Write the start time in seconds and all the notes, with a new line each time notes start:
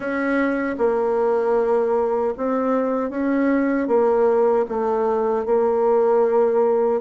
0.00 C#4
0.78 A#3
2.37 C4
3.10 C#4
3.87 A#3
4.68 A3
5.45 A#3